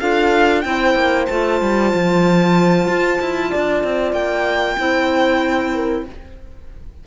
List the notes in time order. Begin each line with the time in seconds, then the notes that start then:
0.00 D4 F4 A4 F5
0.61 C4 E4 G5
0.68 C5
0.95 A#3
1.26 A3 F4 A5
1.61 G3
1.94 F3
2.87 F4
3.21 E4
3.50 D4 D5
3.84 C4
4.13 A#3 G5
4.78 C4 E4 C5
5.74 A#4